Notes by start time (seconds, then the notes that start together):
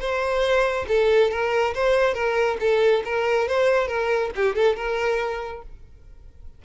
0.00 C5
0.88 A4
1.31 A#4
1.75 C5
2.14 A#4
2.60 A4
3.05 A#4
3.48 C5
3.88 A#4
4.36 G4
4.56 A4
4.77 A#4